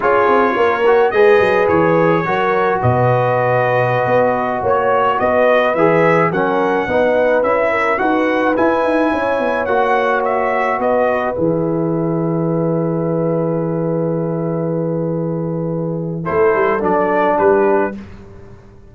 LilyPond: <<
  \new Staff \with { instrumentName = "trumpet" } { \time 4/4 \tempo 4 = 107 cis''2 dis''4 cis''4~ | cis''4 dis''2.~ | dis''16 cis''4 dis''4 e''4 fis''8.~ | fis''4~ fis''16 e''4 fis''4 gis''8.~ |
gis''4~ gis''16 fis''4 e''4 dis''8.~ | dis''16 e''2.~ e''8.~ | e''1~ | e''4 c''4 d''4 b'4 | }
  \new Staff \with { instrumentName = "horn" } { \time 4/4 gis'4 ais'4 b'2 | ais'4 b'2.~ | b'16 cis''4 b'2 ais'8.~ | ais'16 b'4. ais'8 b'4.~ b'16~ |
b'16 cis''2. b'8.~ | b'1~ | b'1~ | b'4 a'2 g'4 | }
  \new Staff \with { instrumentName = "trombone" } { \time 4/4 f'4. fis'8 gis'2 | fis'1~ | fis'2~ fis'16 gis'4 cis'8.~ | cis'16 dis'4 e'4 fis'4 e'8.~ |
e'4~ e'16 fis'2~ fis'8.~ | fis'16 gis'2.~ gis'8.~ | gis'1~ | gis'4 e'4 d'2 | }
  \new Staff \with { instrumentName = "tuba" } { \time 4/4 cis'8 c'8 ais4 gis8 fis8 e4 | fis4 b,2~ b,16 b8.~ | b16 ais4 b4 e4 fis8.~ | fis16 b4 cis'4 dis'4 e'8 dis'16~ |
dis'16 cis'8 b8 ais2 b8.~ | b16 e2.~ e8.~ | e1~ | e4 a8 g8 fis4 g4 | }
>>